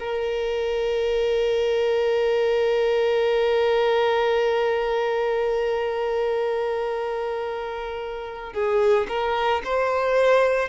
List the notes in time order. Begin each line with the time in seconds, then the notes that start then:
0.00 A#4
8.54 G#4
9.09 A#4
9.65 C5